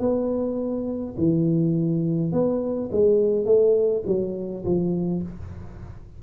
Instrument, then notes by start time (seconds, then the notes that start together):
tuba
0.00 B3
1.18 E3
2.32 B3
2.92 G#3
3.46 A3
4.07 F#3
4.65 F3